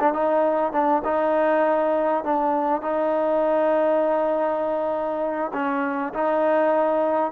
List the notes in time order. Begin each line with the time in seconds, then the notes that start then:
0.00 D4
0.13 D#4
0.72 D4
1.04 D#4
2.24 D4
2.82 D#4
5.53 C#4
6.14 D#4